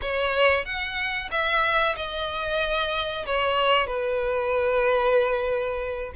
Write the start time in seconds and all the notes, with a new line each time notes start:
0.01 C#5
0.65 F#5
1.31 E5
1.96 D#5
3.26 C#5
3.86 B4